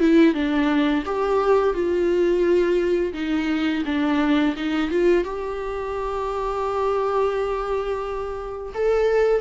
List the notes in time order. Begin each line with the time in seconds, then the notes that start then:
0.00 E4
0.35 D4
1.06 G4
1.74 F4
3.14 D#4
3.86 D4
4.56 D#4
4.91 F4
5.24 G4
8.75 A4